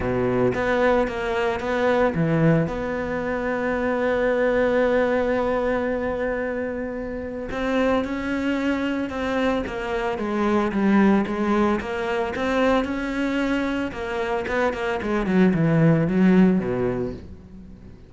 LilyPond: \new Staff \with { instrumentName = "cello" } { \time 4/4 \tempo 4 = 112 b,4 b4 ais4 b4 | e4 b2.~ | b1~ | b2 c'4 cis'4~ |
cis'4 c'4 ais4 gis4 | g4 gis4 ais4 c'4 | cis'2 ais4 b8 ais8 | gis8 fis8 e4 fis4 b,4 | }